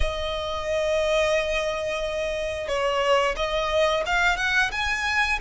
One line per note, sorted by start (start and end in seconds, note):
0.00 2.68 D#5
2.68 3.35 C#5
3.36 4.03 D#5
4.06 4.36 F5
4.36 4.70 F#5
4.71 5.39 G#5